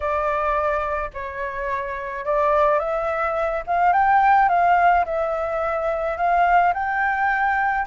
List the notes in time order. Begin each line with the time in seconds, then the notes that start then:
0.00 D5
1.13 C#5
2.25 D5
2.79 E5
3.66 F5
3.93 G5
4.48 F5
5.05 E5
6.17 F5
6.73 G5